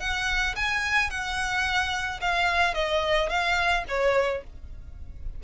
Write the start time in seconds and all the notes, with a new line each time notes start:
0.00 F#5
0.56 G#5
1.10 F#5
2.21 F5
2.74 D#5
3.29 F5
3.88 C#5